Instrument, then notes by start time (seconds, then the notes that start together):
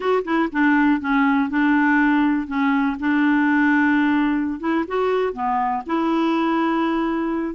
clarinet
0.00 F#4
0.24 E4
0.52 D4
1.00 C#4
1.49 D4
2.47 C#4
2.99 D4
4.60 E4
4.87 F#4
5.33 B3
5.86 E4